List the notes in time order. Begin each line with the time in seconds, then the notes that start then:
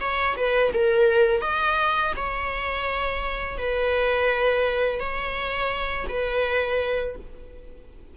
0.00 C#5
0.36 B4
0.73 A#4
1.41 D#5
2.16 C#5
3.58 B4
4.99 C#5
6.08 B4